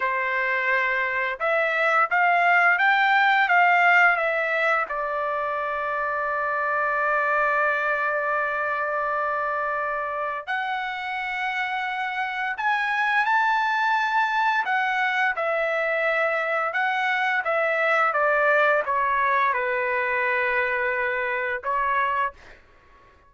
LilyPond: \new Staff \with { instrumentName = "trumpet" } { \time 4/4 \tempo 4 = 86 c''2 e''4 f''4 | g''4 f''4 e''4 d''4~ | d''1~ | d''2. fis''4~ |
fis''2 gis''4 a''4~ | a''4 fis''4 e''2 | fis''4 e''4 d''4 cis''4 | b'2. cis''4 | }